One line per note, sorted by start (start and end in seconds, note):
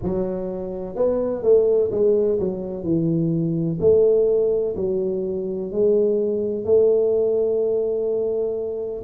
0.03 0.95 F#3
0.95 1.42 B3
1.42 1.90 A3
1.90 2.38 G#3
2.39 2.83 F#3
2.83 3.78 E3
3.80 4.75 A3
4.76 5.71 F#3
5.71 6.64 G#3
6.64 9.02 A3